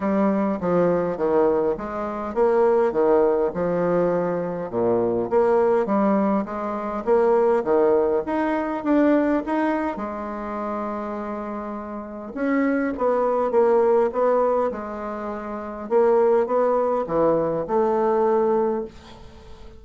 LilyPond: \new Staff \with { instrumentName = "bassoon" } { \time 4/4 \tempo 4 = 102 g4 f4 dis4 gis4 | ais4 dis4 f2 | ais,4 ais4 g4 gis4 | ais4 dis4 dis'4 d'4 |
dis'4 gis2.~ | gis4 cis'4 b4 ais4 | b4 gis2 ais4 | b4 e4 a2 | }